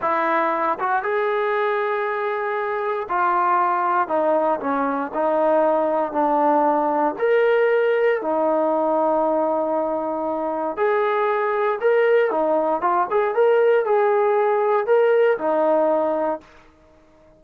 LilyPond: \new Staff \with { instrumentName = "trombone" } { \time 4/4 \tempo 4 = 117 e'4. fis'8 gis'2~ | gis'2 f'2 | dis'4 cis'4 dis'2 | d'2 ais'2 |
dis'1~ | dis'4 gis'2 ais'4 | dis'4 f'8 gis'8 ais'4 gis'4~ | gis'4 ais'4 dis'2 | }